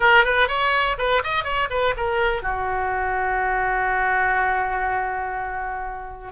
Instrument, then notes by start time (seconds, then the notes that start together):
oboe
0.00 A#4
0.24 B4
0.48 C#5
0.98 B4
1.23 D#5
1.43 C#5
1.70 B4
1.96 A#4
2.42 F#4